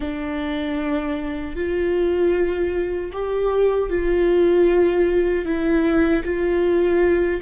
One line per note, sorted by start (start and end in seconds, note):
0.00 1.55 D4
1.55 3.11 F4
3.12 3.89 G4
3.89 5.45 F4
5.45 6.23 E4
6.24 7.41 F4